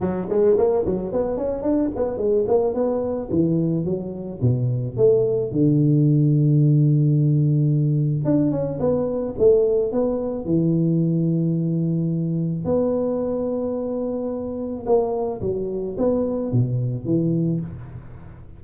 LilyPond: \new Staff \with { instrumentName = "tuba" } { \time 4/4 \tempo 4 = 109 fis8 gis8 ais8 fis8 b8 cis'8 d'8 b8 | gis8 ais8 b4 e4 fis4 | b,4 a4 d2~ | d2. d'8 cis'8 |
b4 a4 b4 e4~ | e2. b4~ | b2. ais4 | fis4 b4 b,4 e4 | }